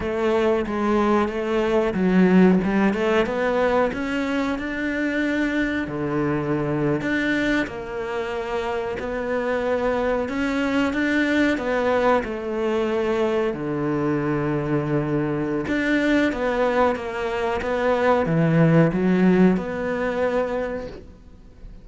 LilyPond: \new Staff \with { instrumentName = "cello" } { \time 4/4 \tempo 4 = 92 a4 gis4 a4 fis4 | g8 a8 b4 cis'4 d'4~ | d'4 d4.~ d16 d'4 ais16~ | ais4.~ ais16 b2 cis'16~ |
cis'8. d'4 b4 a4~ a16~ | a8. d2.~ d16 | d'4 b4 ais4 b4 | e4 fis4 b2 | }